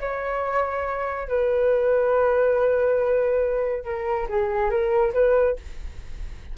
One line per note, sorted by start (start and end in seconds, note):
0.00 1.28 C#5
1.28 3.84 B4
3.84 4.27 A#4
4.29 4.70 G#4
4.70 5.13 A#4
5.13 5.56 B4